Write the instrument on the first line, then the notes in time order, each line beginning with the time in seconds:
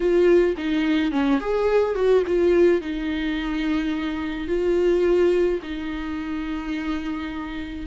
viola
0.00 F4
0.57 D#4
1.11 C#4
1.40 G#4
1.95 F#4
2.26 F4
2.81 D#4
4.47 F4
5.62 D#4